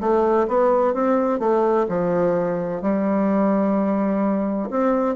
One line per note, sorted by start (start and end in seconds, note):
0.00 0.47 A3
0.48 0.94 B3
0.94 1.39 C4
1.39 1.86 A3
1.88 2.82 F3
2.82 4.69 G3
4.70 5.16 C4